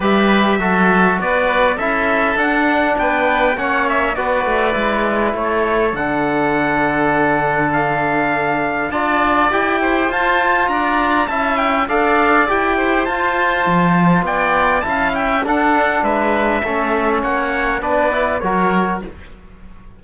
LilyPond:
<<
  \new Staff \with { instrumentName = "trumpet" } { \time 4/4 \tempo 4 = 101 e''2 d''4 e''4 | fis''4 g''4 fis''8 e''8 d''4~ | d''4 cis''4 fis''2~ | fis''4 f''2 a''4 |
g''4 a''4 ais''4 a''8 g''8 | f''4 g''4 a''2 | g''4 a''8 g''8 fis''4 e''4~ | e''4 fis''4 d''4 cis''4 | }
  \new Staff \with { instrumentName = "oboe" } { \time 4/4 b'4 a'4 b'4 a'4~ | a'4 b'4 cis''4 b'4~ | b'4 a'2.~ | a'2. d''4~ |
d''8 c''4. d''4 e''4 | d''4. c''2~ c''8 | d''4 f''8 e''8 a'4 b'4 | a'4 cis''4 b'4 ais'4 | }
  \new Staff \with { instrumentName = "trombone" } { \time 4/4 g'4 fis'2 e'4 | d'2 cis'4 fis'4 | e'2 d'2~ | d'2. f'4 |
g'4 f'2 e'4 | a'4 g'4 f'2~ | f'4 e'4 d'2 | cis'2 d'8 e'8 fis'4 | }
  \new Staff \with { instrumentName = "cello" } { \time 4/4 g4 fis4 b4 cis'4 | d'4 b4 ais4 b8 a8 | gis4 a4 d2~ | d2. d'4 |
e'4 f'4 d'4 cis'4 | d'4 e'4 f'4 f4 | b4 cis'4 d'4 gis4 | a4 ais4 b4 fis4 | }
>>